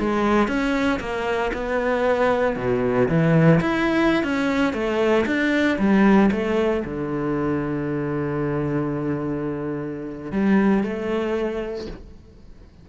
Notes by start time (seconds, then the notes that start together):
0.00 G#3
0.48 C#4
1.00 A#3
1.54 B3
2.57 B2
3.09 E3
3.61 E4
4.24 C#4
4.74 A3
5.27 D4
5.79 G3
6.32 A3
6.85 D3
10.32 G3
10.84 A3